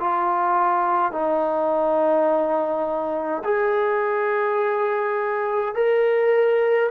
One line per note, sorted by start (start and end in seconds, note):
0.00 1.12 F4
1.12 3.43 D#4
3.45 5.75 G#4
5.75 6.91 A#4